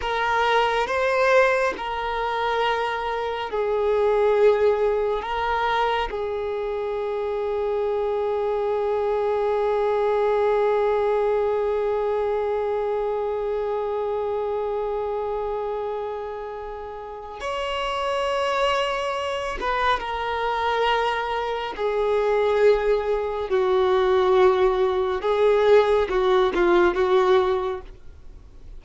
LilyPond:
\new Staff \with { instrumentName = "violin" } { \time 4/4 \tempo 4 = 69 ais'4 c''4 ais'2 | gis'2 ais'4 gis'4~ | gis'1~ | gis'1~ |
gis'1 | cis''2~ cis''8 b'8 ais'4~ | ais'4 gis'2 fis'4~ | fis'4 gis'4 fis'8 f'8 fis'4 | }